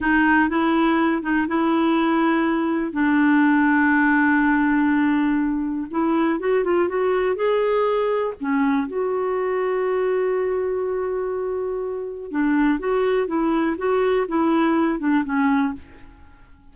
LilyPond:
\new Staff \with { instrumentName = "clarinet" } { \time 4/4 \tempo 4 = 122 dis'4 e'4. dis'8 e'4~ | e'2 d'2~ | d'1 | e'4 fis'8 f'8 fis'4 gis'4~ |
gis'4 cis'4 fis'2~ | fis'1~ | fis'4 d'4 fis'4 e'4 | fis'4 e'4. d'8 cis'4 | }